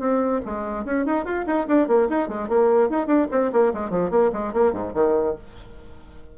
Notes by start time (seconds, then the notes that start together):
0.00 C4
0.45 G#3
0.85 C#4
1.06 D#4
1.25 F4
1.47 D#4
1.68 D4
1.88 A#3
2.09 D#4
2.29 G#3
2.49 A#3
2.90 D#4
3.07 D4
3.31 C4
3.52 A#3
3.74 G#3
3.90 F3
4.11 A#3
4.33 G#3
4.54 A#3
4.73 G#2
4.94 D#3